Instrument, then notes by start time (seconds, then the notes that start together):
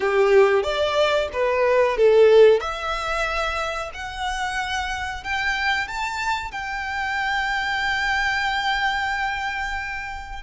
violin
0.00 G4
0.63 D5
1.33 B4
1.97 A4
2.60 E5
3.94 F#5
5.24 G5
5.87 A5
6.51 G5